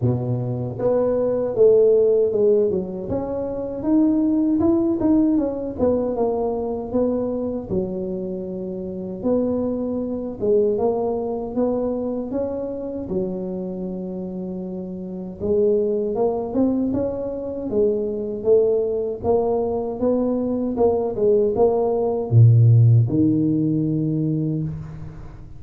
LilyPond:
\new Staff \with { instrumentName = "tuba" } { \time 4/4 \tempo 4 = 78 b,4 b4 a4 gis8 fis8 | cis'4 dis'4 e'8 dis'8 cis'8 b8 | ais4 b4 fis2 | b4. gis8 ais4 b4 |
cis'4 fis2. | gis4 ais8 c'8 cis'4 gis4 | a4 ais4 b4 ais8 gis8 | ais4 ais,4 dis2 | }